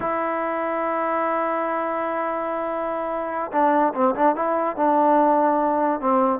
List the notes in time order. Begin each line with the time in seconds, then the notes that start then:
0.00 E4
3.52 D4
3.93 C4
4.15 D4
4.35 E4
4.76 D4
6.00 C4